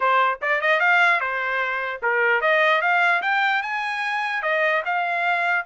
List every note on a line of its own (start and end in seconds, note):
0.00 0.39 C5
0.41 0.61 D5
0.61 0.80 D#5
0.80 1.20 F5
1.20 2.00 C5
2.02 2.41 A#4
2.41 2.81 D#5
2.81 3.21 F5
3.22 3.62 G5
3.62 4.42 G#5
4.42 4.82 D#5
4.85 5.65 F5